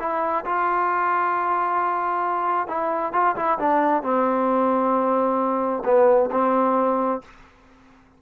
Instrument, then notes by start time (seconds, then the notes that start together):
trombone
0.00 E4
0.45 F4
2.68 E4
3.13 F4
3.36 E4
3.59 D4
4.03 C4
5.85 B3
6.32 C4